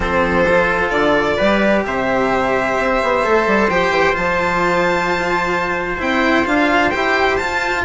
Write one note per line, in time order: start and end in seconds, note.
0.00 0.90 F3
0.00 0.45 C4
0.00 1.37 A4
0.00 0.90 C5
0.48 1.39 F4
0.90 1.36 D3
0.90 1.82 D5
1.37 1.85 G3
1.37 3.23 G4
1.37 1.83 B4
1.85 2.77 C3
1.85 7.84 C5
1.85 3.68 E5
2.77 3.00 C4
3.02 3.25 B3
3.23 3.46 A3
3.23 3.69 A4
3.46 3.69 G3
3.68 3.90 F3
3.68 4.13 G4
3.68 4.15 G5
3.90 4.13 E3
4.13 6.00 F3
4.13 5.97 F4
4.13 6.01 A5
5.97 6.46 C4
5.97 6.44 E4
5.97 6.45 G5
6.45 6.92 D4
6.45 6.91 F4
6.45 6.90 F5
6.90 7.40 E4
6.90 7.39 G4
6.90 7.36 G5
7.36 7.84 F4
7.36 7.82 A5